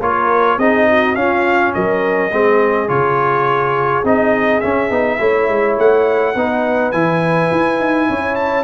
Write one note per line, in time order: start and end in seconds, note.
0.00 0.58 A#3
0.00 0.60 F4
0.00 0.58 A#4
0.00 0.59 C#5
0.58 1.16 C4
0.58 1.16 D#4
0.58 0.87 G#4
0.58 1.15 D#5
0.90 1.18 F#4
1.15 1.73 C#4
1.15 2.31 C#4
1.15 1.75 F4
1.15 1.73 F5
1.74 2.32 F#3
1.74 2.32 A#4
1.74 2.89 D#5
2.32 2.89 G#3
2.32 2.88 C4
2.32 5.19 G#4
2.88 4.04 C#3
2.88 4.04 F4
2.88 4.04 C#5
4.04 4.62 C4
4.04 4.62 D#4
4.04 4.60 D#5
4.60 4.90 C#4
4.60 5.76 E5
4.90 5.19 B3
4.90 5.19 D#4
5.19 5.49 A3
5.19 6.34 E4
5.19 6.34 C#5
5.49 5.78 G#3
5.78 6.35 A3
5.78 6.92 F#5
6.35 6.93 B3
6.35 6.94 D#4
6.35 8.09 B4
6.92 7.51 E3
6.92 8.64 E4
6.92 8.35 G#5
7.52 7.80 E4
7.80 8.09 D#4
8.09 8.64 C#4
8.09 8.64 C#5
8.35 8.64 A5